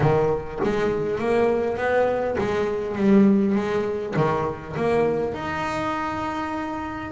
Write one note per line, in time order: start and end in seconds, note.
0.00 0.59 D#3
0.63 1.18 G#3
1.18 1.77 A#3
1.77 2.36 B3
2.38 2.95 G#3
2.95 3.55 G3
3.55 4.14 G#3
4.16 4.75 D#3
4.76 5.34 A#3
5.34 7.11 D#4